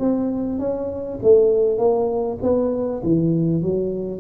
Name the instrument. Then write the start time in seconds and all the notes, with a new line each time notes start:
tuba
0.00 C4
0.60 C#4
1.23 A3
1.79 A#3
2.43 B3
3.04 E3
3.62 F#3